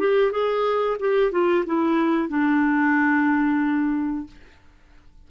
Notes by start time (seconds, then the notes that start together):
0.00 G4
0.32 G#4
1.00 G4
1.32 F4
1.66 E4
2.29 D4